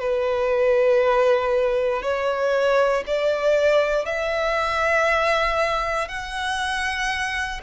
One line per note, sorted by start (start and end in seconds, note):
0.00 2.02 B4
2.02 3.04 C#5
3.07 4.05 D5
4.05 6.08 E5
6.08 7.61 F#5